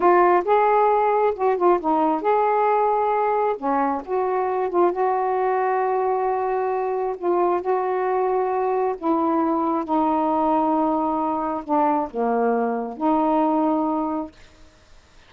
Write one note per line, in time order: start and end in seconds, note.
0.00 0.43 F4
0.44 1.34 G#4
1.35 1.57 F#4
1.57 1.79 F4
1.80 2.21 D#4
2.21 3.56 G#4
3.57 4.02 C#4
4.05 4.69 F#4
4.69 4.92 F4
4.92 7.15 F#4
7.17 7.61 F4
7.61 8.95 F#4
8.98 9.84 E4
9.84 11.63 D#4
11.64 12.08 D4
12.10 12.97 A#3
12.97 14.31 D#4